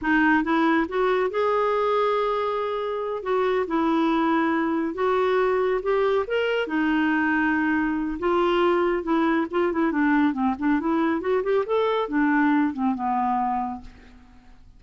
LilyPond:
\new Staff \with { instrumentName = "clarinet" } { \time 4/4 \tempo 4 = 139 dis'4 e'4 fis'4 gis'4~ | gis'2.~ gis'8 fis'8~ | fis'8 e'2. fis'8~ | fis'4. g'4 ais'4 dis'8~ |
dis'2. f'4~ | f'4 e'4 f'8 e'8 d'4 | c'8 d'8 e'4 fis'8 g'8 a'4 | d'4. c'8 b2 | }